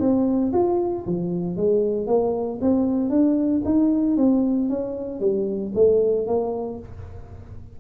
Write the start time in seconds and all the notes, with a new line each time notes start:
0.00 C4
0.53 F4
1.07 F3
1.57 G#3
2.07 A#3
2.61 C4
3.10 D4
3.65 D#4
4.17 C4
4.69 C#4
5.20 G3
5.75 A3
6.27 A#3